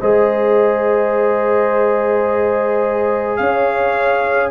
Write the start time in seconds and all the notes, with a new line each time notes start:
0.00 G#3 G#4 C5 D#5
3.36 C#4 C#5 F5